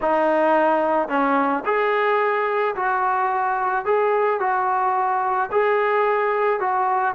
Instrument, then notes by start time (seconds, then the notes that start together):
trombone
0.02 D#4
1.08 C#4
1.65 G#4
2.75 F#4
3.85 G#4
4.40 F#4
5.51 G#4
6.59 F#4